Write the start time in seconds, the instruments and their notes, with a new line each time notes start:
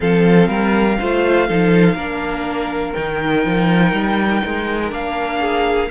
0.00 cello F3, viola C4, violin A4 F5
0.48 cello G3, violin A#4
0.99 cello A3, viola F4, violin C5
1.47 cello F3, viola D#4, violin A4
1.94 cello A#3, viola D4, violin A#4
2.93 cello D#3, viola D#4, violin G5
3.45 cello F3
3.92 cello G3
4.45 cello G#3
4.90 cello A#3, viola D4, violin F5
5.40 violin G#4